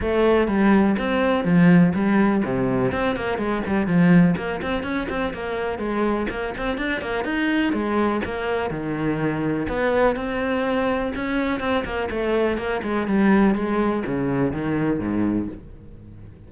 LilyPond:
\new Staff \with { instrumentName = "cello" } { \time 4/4 \tempo 4 = 124 a4 g4 c'4 f4 | g4 c4 c'8 ais8 gis8 g8 | f4 ais8 c'8 cis'8 c'8 ais4 | gis4 ais8 c'8 d'8 ais8 dis'4 |
gis4 ais4 dis2 | b4 c'2 cis'4 | c'8 ais8 a4 ais8 gis8 g4 | gis4 cis4 dis4 gis,4 | }